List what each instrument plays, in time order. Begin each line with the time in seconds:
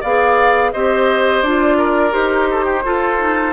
0.00 bassoon B3, clarinet G#4, oboe D5, flute F5
0.72 bassoon C4, clarinet G4, oboe C5, flute D#5
1.42 bassoon D4, clarinet F4, flute D5
1.77 oboe A#4
2.10 bassoon D#4, clarinet G4, flute C5
2.51 oboe A4
2.64 oboe G4
2.84 clarinet F4, bassoon F4, oboe A4
3.18 clarinet D#4